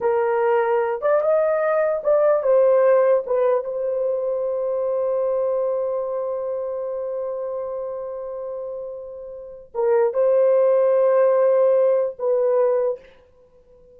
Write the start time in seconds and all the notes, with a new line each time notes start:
0.01 A#4
1.01 D5
1.21 D#5
2.03 D5
2.42 C5
3.26 B4
3.64 C5
9.74 A#4
10.13 C5
12.18 B4